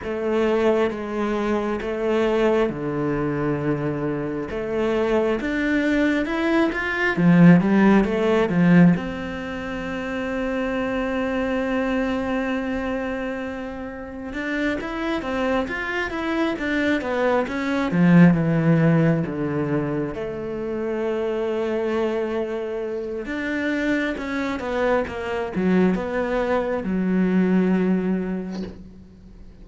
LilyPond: \new Staff \with { instrumentName = "cello" } { \time 4/4 \tempo 4 = 67 a4 gis4 a4 d4~ | d4 a4 d'4 e'8 f'8 | f8 g8 a8 f8 c'2~ | c'1 |
d'8 e'8 c'8 f'8 e'8 d'8 b8 cis'8 | f8 e4 d4 a4.~ | a2 d'4 cis'8 b8 | ais8 fis8 b4 fis2 | }